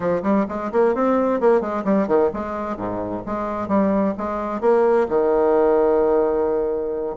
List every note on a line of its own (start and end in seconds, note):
0.00 0.22 F3
0.22 0.46 G3
0.48 0.71 G#3
0.72 0.94 A#3
0.94 1.40 C4
1.40 1.60 A#3
1.60 1.84 G#3
1.84 2.07 G3
2.07 2.30 D#3
2.33 2.77 G#3
2.77 3.23 G#2
3.25 3.68 G#3
3.68 4.14 G3
4.17 4.60 G#3
4.60 5.07 A#3
5.09 7.16 D#3